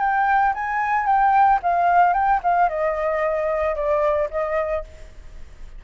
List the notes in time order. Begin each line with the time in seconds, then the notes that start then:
0.00 G5
0.54 G#5
1.06 G5
1.63 F5
2.14 G5
2.43 F5
2.69 D#5
3.75 D5
4.31 D#5